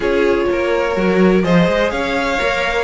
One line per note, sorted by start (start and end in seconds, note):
0.00 0.44 C#4
0.00 0.91 F4
0.00 0.46 G#4
0.00 1.43 C#5
0.51 0.96 A#3
0.51 1.44 A#4
0.96 1.43 F#3
0.96 1.42 F#4
1.42 1.67 F3
1.42 2.38 G#4
1.42 1.91 C5
1.42 1.91 D#5
1.67 1.91 G#3
1.91 2.39 C#4
1.91 2.84 C#5
1.91 2.84 F5
2.39 2.84 A#3
2.39 2.84 A#4